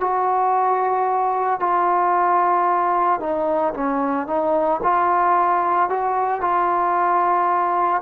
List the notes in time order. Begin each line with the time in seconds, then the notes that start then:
0.00 F#4
1.60 F4
3.20 D#4
3.74 C#4
4.27 D#4
4.83 F4
5.90 F#4
6.41 F4